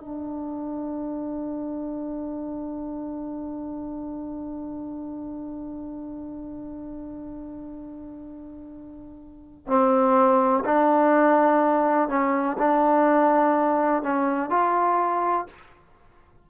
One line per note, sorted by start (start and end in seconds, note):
0.00 9.67 D4
9.67 10.64 C4
10.65 12.08 D4
12.08 12.57 C#4
12.58 14.02 D4
14.02 14.50 C#4
14.50 15.47 F4